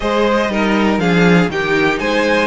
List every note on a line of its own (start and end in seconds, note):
0.00 0.48 G#3
0.00 0.50 G#4
0.00 0.51 C5
0.00 0.99 D#5
0.48 0.98 G3
0.48 1.00 D#4
0.48 1.01 A#4
0.98 1.48 F3
0.98 1.50 D4
0.98 1.51 G#4
0.98 1.49 F5
1.48 1.98 D#3
1.48 2.46 D#4
1.48 2.00 G4
1.48 1.98 G5
1.98 2.46 G#3
1.98 2.46 C5
1.98 2.46 G#5